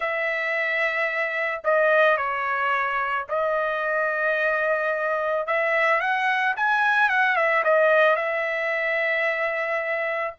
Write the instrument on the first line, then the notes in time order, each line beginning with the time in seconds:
trumpet
0.00 E5
1.64 D#5
2.17 C#5
3.28 D#5
5.46 E5
6.00 F#5
6.56 G#5
7.09 F#5
7.35 E5
7.63 D#5
8.16 E5